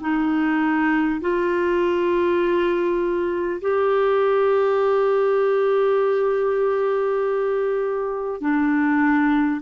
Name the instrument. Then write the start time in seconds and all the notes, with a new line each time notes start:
clarinet
0.00 D#4
1.20 F4
3.61 G4
8.41 D4